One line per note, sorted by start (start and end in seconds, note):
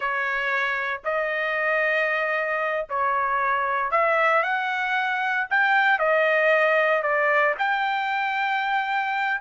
0.00 1.00 C#5
1.04 2.86 D#5
2.89 3.91 C#5
3.91 4.42 E5
4.42 5.47 F#5
5.49 5.99 G5
5.99 7.02 D#5
7.02 7.54 D5
7.58 9.41 G5